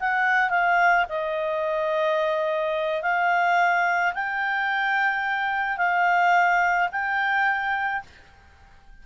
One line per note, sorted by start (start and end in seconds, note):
0.00 0.50 F#5
0.50 1.06 F5
1.09 3.03 D#5
3.03 4.14 F5
4.14 5.78 G5
5.78 6.89 F5
6.92 8.03 G5